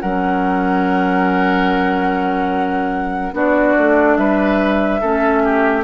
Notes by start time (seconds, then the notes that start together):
0.00 F#3 C#4 A#4 F#5
3.32 B3 D4 F#4 D5
3.77 A3
4.16 G3 B4 E5
5.00 A3 C#4 A4
5.44 G4